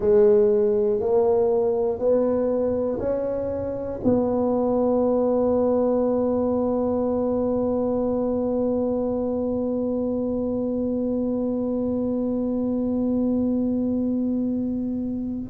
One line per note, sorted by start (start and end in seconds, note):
0.00 1.00 G#3
1.00 1.99 A#3
1.99 2.99 B3
3.00 4.00 C#4
4.04 15.50 B3